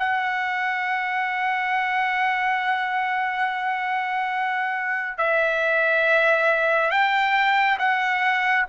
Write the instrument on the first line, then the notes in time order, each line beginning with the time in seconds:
trumpet
0.00 F#5
5.18 E5
6.91 G5
7.79 F#5